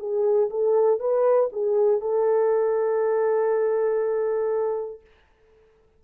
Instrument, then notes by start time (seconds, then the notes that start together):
horn
0.00 G#4
0.51 A4
1.00 B4
1.53 G#4
2.01 A4